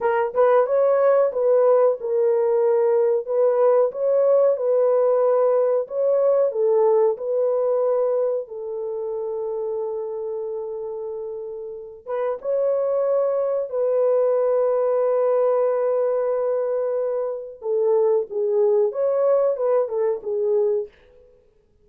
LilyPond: \new Staff \with { instrumentName = "horn" } { \time 4/4 \tempo 4 = 92 ais'8 b'8 cis''4 b'4 ais'4~ | ais'4 b'4 cis''4 b'4~ | b'4 cis''4 a'4 b'4~ | b'4 a'2.~ |
a'2~ a'8 b'8 cis''4~ | cis''4 b'2.~ | b'2. a'4 | gis'4 cis''4 b'8 a'8 gis'4 | }